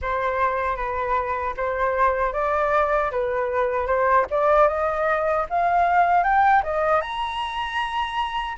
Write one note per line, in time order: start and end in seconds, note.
0.01 0.76 C5
0.76 1.54 B4
1.56 2.32 C5
2.32 3.10 D5
3.11 3.86 B4
3.86 4.25 C5
4.30 4.68 D5
4.68 5.45 D#5
5.49 6.23 F5
6.23 6.62 G5
6.63 7.01 D#5
7.01 8.57 A#5